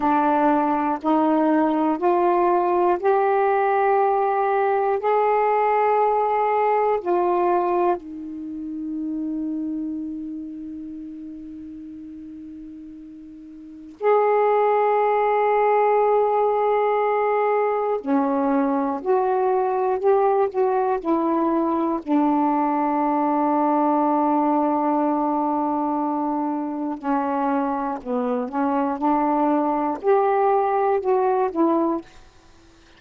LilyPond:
\new Staff \with { instrumentName = "saxophone" } { \time 4/4 \tempo 4 = 60 d'4 dis'4 f'4 g'4~ | g'4 gis'2 f'4 | dis'1~ | dis'2 gis'2~ |
gis'2 cis'4 fis'4 | g'8 fis'8 e'4 d'2~ | d'2. cis'4 | b8 cis'8 d'4 g'4 fis'8 e'8 | }